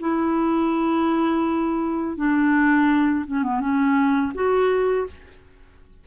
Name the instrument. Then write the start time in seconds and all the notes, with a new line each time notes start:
clarinet
0.00 E4
2.17 D4
3.26 C#4
3.43 B3
3.60 C#4
4.35 F#4